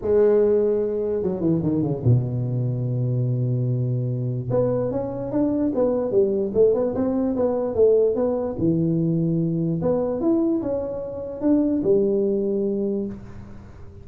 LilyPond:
\new Staff \with { instrumentName = "tuba" } { \time 4/4 \tempo 4 = 147 gis2. fis8 e8 | dis8 cis8 b,2.~ | b,2. b4 | cis'4 d'4 b4 g4 |
a8 b8 c'4 b4 a4 | b4 e2. | b4 e'4 cis'2 | d'4 g2. | }